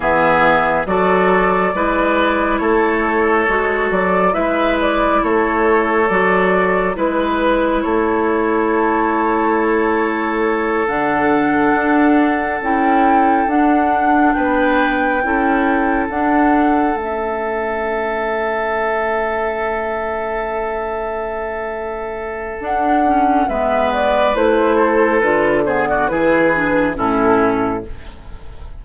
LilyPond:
<<
  \new Staff \with { instrumentName = "flute" } { \time 4/4 \tempo 4 = 69 e''4 d''2 cis''4~ | cis''8 d''8 e''8 d''8 cis''4 d''4 | b'4 cis''2.~ | cis''8 fis''2 g''4 fis''8~ |
fis''8 g''2 fis''4 e''8~ | e''1~ | e''2 fis''4 e''8 d''8 | c''4 b'8 c''16 d''16 b'4 a'4 | }
  \new Staff \with { instrumentName = "oboe" } { \time 4/4 gis'4 a'4 b'4 a'4~ | a'4 b'4 a'2 | b'4 a'2.~ | a'1~ |
a'8 b'4 a'2~ a'8~ | a'1~ | a'2. b'4~ | b'8 a'4 gis'16 fis'16 gis'4 e'4 | }
  \new Staff \with { instrumentName = "clarinet" } { \time 4/4 b4 fis'4 e'2 | fis'4 e'2 fis'4 | e'1~ | e'8 d'2 e'4 d'8~ |
d'4. e'4 d'4 cis'8~ | cis'1~ | cis'2 d'8 cis'8 b4 | e'4 f'8 b8 e'8 d'8 cis'4 | }
  \new Staff \with { instrumentName = "bassoon" } { \time 4/4 e4 fis4 gis4 a4 | gis8 fis8 gis4 a4 fis4 | gis4 a2.~ | a8 d4 d'4 cis'4 d'8~ |
d'8 b4 cis'4 d'4 a8~ | a1~ | a2 d'4 gis4 | a4 d4 e4 a,4 | }
>>